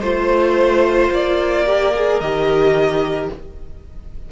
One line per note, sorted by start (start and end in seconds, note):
0.00 1.10 A3
0.00 1.66 F4
0.00 1.64 C5
0.00 1.13 C5
1.11 2.20 A#3
1.11 2.21 D5
1.66 1.94 G4
1.66 3.30 A#4
1.95 2.22 G#4
2.20 3.30 D#3
2.20 3.32 G4
2.20 3.30 D#5